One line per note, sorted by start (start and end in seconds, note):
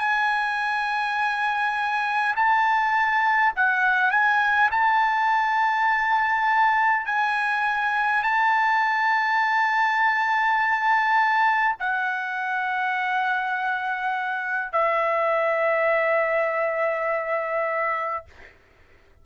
0.00 2.35 G#5
2.36 3.54 A5
3.57 4.12 F#5
4.12 4.71 G#5
4.72 7.06 A5
7.06 8.24 G#5
8.24 11.76 A5
11.80 14.73 F#5
14.73 18.26 E5